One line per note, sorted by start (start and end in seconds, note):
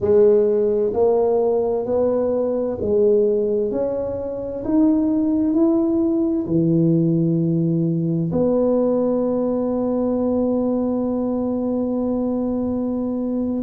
0.00 0.93 G#3
0.93 1.85 A#3
1.85 2.77 B3
2.81 3.71 G#3
3.71 4.63 C#4
4.64 5.53 D#4
5.53 6.45 E4
6.46 8.31 E3
8.32 13.62 B3